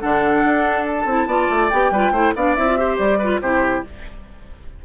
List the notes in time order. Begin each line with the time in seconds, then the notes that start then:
0.00 D3 D4 A4 F#5
0.44 D4
0.87 A5
1.05 C4 E4
1.26 B3 F4 D5
1.50 A3
1.69 B3 G4 G5
1.91 G3 F4 B4
2.11 A3 E4 C5
2.35 B3 D4 D5 F5
2.55 C4 E4 E5
2.67 F4
2.77 G4 C5
2.98 G3 D5
3.18 F4 B4
3.40 C3 E4 G4 C5